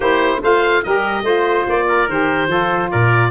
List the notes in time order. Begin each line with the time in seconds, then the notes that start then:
0.00 A#3 E4 G4 C5
0.41 A3 F4 C5 F5
0.83 G3 G4 A#4 D#5
1.22 A3 F4 C5
1.68 A#3 D5
1.88 A#4
2.08 D#3 G4 C5
2.47 F3 F4 A4
2.91 A#2 A#4 D5